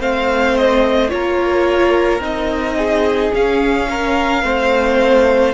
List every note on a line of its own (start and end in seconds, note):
0.00 1.11 A3
0.00 1.09 C4
0.00 1.11 C5
0.00 0.58 F5
0.58 1.10 D#5
1.09 2.20 A#3
1.09 2.20 F4
1.09 2.77 A#4
1.09 2.21 C#5
2.20 3.31 C4
2.20 3.33 D#4
2.20 3.34 D#5
2.77 3.88 G#4
3.33 4.43 C#4
3.33 4.44 C#4
3.33 5.54 F5
3.90 4.44 A#4
4.43 5.54 A3
4.43 5.54 C4
4.43 5.54 C5